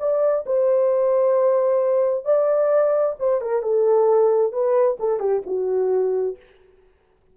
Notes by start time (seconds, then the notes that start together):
0.00 D5
0.46 C5
2.25 D5
3.20 C5
3.42 A#4
3.63 A4
4.53 B4
5.00 A4
5.20 G4
5.46 F#4